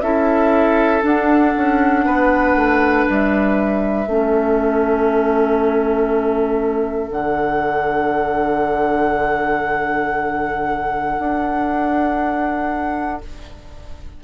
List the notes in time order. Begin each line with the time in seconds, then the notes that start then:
0.00 C#4 E4 A4 E5
1.00 D4 F#5
1.56 C#4
2.05 B3 B4
2.55 A3
3.06 G3 E5
4.06 A3 C#4 A4
7.10 D3 D4 F#5
11.18 D4